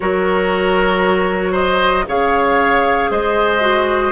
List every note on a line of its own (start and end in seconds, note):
0.00 2.08 F#3
0.00 2.06 F#4
0.00 1.52 A#4
0.00 1.54 C#5
1.52 2.03 C5
1.52 2.06 D#5
2.07 3.10 C#3
2.07 3.60 G#4
2.07 3.10 C#5
2.07 3.11 F5
3.10 4.11 G#3
3.10 4.11 C5
3.10 4.11 D#5
3.60 4.11 F#4